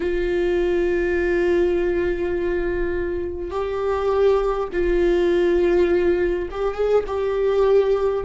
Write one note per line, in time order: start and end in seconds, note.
0.00 3.50 F4
3.50 4.68 G4
4.72 6.49 F4
6.50 6.74 G4
6.74 7.03 G#4
7.06 8.24 G4